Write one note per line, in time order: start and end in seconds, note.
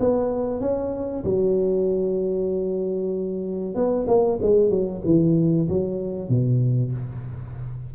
0.00 0.61 B3
0.61 1.24 C#4
1.24 3.75 F#3
3.75 4.07 B3
4.08 4.39 A#3
4.42 4.70 G#3
4.70 5.02 F#3
5.05 5.68 E3
5.69 6.29 F#3
6.29 6.92 B2